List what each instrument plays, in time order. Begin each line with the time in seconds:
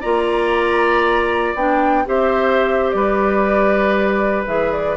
0.00 bassoon A#3, clarinet F4, oboe D5, flute A#5
1.54 bassoon B3, clarinet D4, flute G5
2.05 bassoon C4, clarinet G4, oboe C5, flute E5
2.90 bassoon G3, oboe B4, flute D5
4.46 bassoon E3, clarinet G#4, flute E5
4.72 flute D5